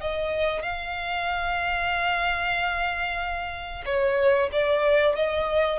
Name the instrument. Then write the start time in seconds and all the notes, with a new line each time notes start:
violin
0.00 D#5
0.62 F5
3.85 C#5
4.52 D5
5.15 D#5